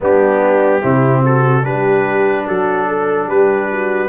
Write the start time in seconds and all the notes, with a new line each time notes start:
0.01 G3 B3 D4 G4
0.81 C3 C4 E4
1.22 F#4 A4
1.62 G3 D4 G4 B4
2.47 F#3 F#4 A4
2.87 A4
3.27 G3 G4 B4
3.71 F#4